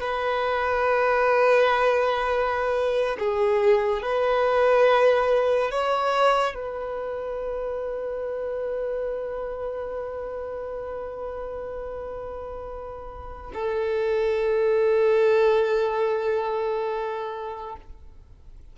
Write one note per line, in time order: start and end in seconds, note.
0.00 3.17 B4
3.19 4.02 G#4
4.02 5.71 B4
5.71 6.54 C#5
6.54 13.51 B4
13.54 17.76 A4